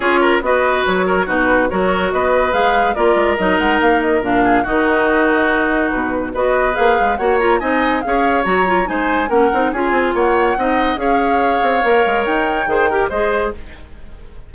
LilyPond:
<<
  \new Staff \with { instrumentName = "flute" } { \time 4/4 \tempo 4 = 142 cis''4 dis''4 cis''4 b'4 | cis''4 dis''4 f''4 d''4 | dis''8 fis''8 f''8 dis''8 f''4 dis''4~ | dis''2 b'4 dis''4 |
f''4 fis''8 ais''8 gis''4 f''4 | ais''4 gis''4 fis''4 gis''4 | fis''2 f''2~ | f''4 g''2 dis''4 | }
  \new Staff \with { instrumentName = "oboe" } { \time 4/4 gis'8 ais'8 b'4. ais'8 fis'4 | ais'4 b'2 ais'4~ | ais'2~ ais'8 gis'8 fis'4~ | fis'2. b'4~ |
b'4 cis''4 dis''4 cis''4~ | cis''4 c''4 ais'4 gis'4 | cis''4 dis''4 cis''2~ | cis''2 c''8 ais'8 c''4 | }
  \new Staff \with { instrumentName = "clarinet" } { \time 4/4 f'4 fis'2 dis'4 | fis'2 gis'4 f'4 | dis'2 d'4 dis'4~ | dis'2. fis'4 |
gis'4 fis'8 f'8 dis'4 gis'4 | fis'8 f'8 dis'4 cis'8 dis'8 f'4~ | f'4 dis'4 gis'2 | ais'2 gis'8 g'8 gis'4 | }
  \new Staff \with { instrumentName = "bassoon" } { \time 4/4 cis'4 b4 fis4 b,4 | fis4 b4 gis4 ais8 gis8 | fis8 gis8 ais4 ais,4 dis4~ | dis2 b,4 b4 |
ais8 gis8 ais4 c'4 cis'4 | fis4 gis4 ais8 c'8 cis'8 c'8 | ais4 c'4 cis'4. c'8 | ais8 gis8 dis'4 dis4 gis4 | }
>>